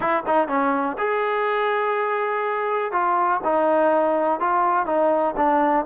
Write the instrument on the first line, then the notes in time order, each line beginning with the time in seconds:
trombone
0.00 E4
0.26 D#4
0.48 C#4
0.98 G#4
2.92 F4
3.43 D#4
4.39 F4
4.86 D#4
5.37 D4